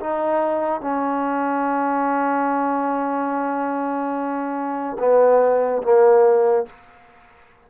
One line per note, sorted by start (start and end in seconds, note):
0.00 0.81 D#4
0.81 4.97 C#4
4.99 5.82 B3
5.83 6.66 A#3